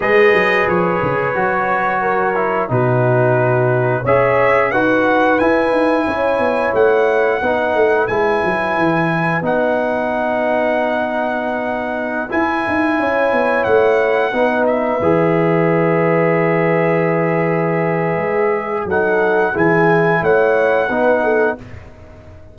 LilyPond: <<
  \new Staff \with { instrumentName = "trumpet" } { \time 4/4 \tempo 4 = 89 dis''4 cis''2. | b'2 e''4 fis''4 | gis''2 fis''2 | gis''2 fis''2~ |
fis''2~ fis''16 gis''4.~ gis''16~ | gis''16 fis''4. e''2~ e''16~ | e''1 | fis''4 gis''4 fis''2 | }
  \new Staff \with { instrumentName = "horn" } { \time 4/4 b'2. ais'4 | fis'2 cis''4 b'4~ | b'4 cis''2 b'4~ | b'1~ |
b'2.~ b'16 cis''8.~ | cis''4~ cis''16 b'2~ b'8.~ | b'1 | a'4 gis'4 cis''4 b'8 a'8 | }
  \new Staff \with { instrumentName = "trombone" } { \time 4/4 gis'2 fis'4. e'8 | dis'2 gis'4 fis'4 | e'2. dis'4 | e'2 dis'2~ |
dis'2~ dis'16 e'4.~ e'16~ | e'4~ e'16 dis'4 gis'4.~ gis'16~ | gis'1 | dis'4 e'2 dis'4 | }
  \new Staff \with { instrumentName = "tuba" } { \time 4/4 gis8 fis8 f8 cis8 fis2 | b,2 cis'4 dis'4 | e'8 dis'8 cis'8 b8 a4 b8 a8 | gis8 fis8 e4 b2~ |
b2~ b16 e'8 dis'8 cis'8 b16~ | b16 a4 b4 e4.~ e16~ | e2. gis4 | fis4 e4 a4 b4 | }
>>